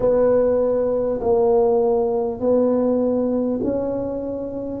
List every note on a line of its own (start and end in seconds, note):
0.00 1.19 B3
1.20 2.40 A#3
2.40 3.60 B3
3.63 4.80 C#4